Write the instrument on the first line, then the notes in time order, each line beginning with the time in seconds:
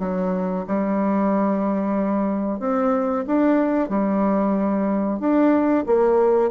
bassoon
0.00 F#3
0.67 G3
2.60 C4
3.27 D4
3.89 G3
5.20 D4
5.86 A#3